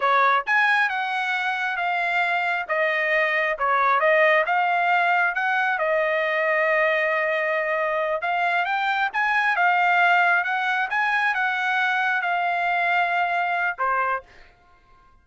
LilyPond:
\new Staff \with { instrumentName = "trumpet" } { \time 4/4 \tempo 4 = 135 cis''4 gis''4 fis''2 | f''2 dis''2 | cis''4 dis''4 f''2 | fis''4 dis''2.~ |
dis''2~ dis''8 f''4 g''8~ | g''8 gis''4 f''2 fis''8~ | fis''8 gis''4 fis''2 f''8~ | f''2. c''4 | }